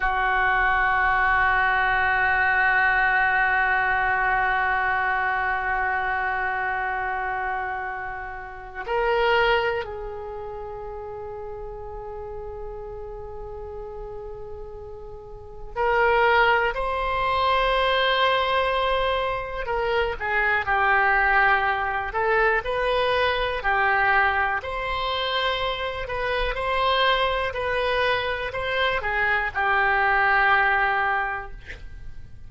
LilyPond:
\new Staff \with { instrumentName = "oboe" } { \time 4/4 \tempo 4 = 61 fis'1~ | fis'1~ | fis'4 ais'4 gis'2~ | gis'1 |
ais'4 c''2. | ais'8 gis'8 g'4. a'8 b'4 | g'4 c''4. b'8 c''4 | b'4 c''8 gis'8 g'2 | }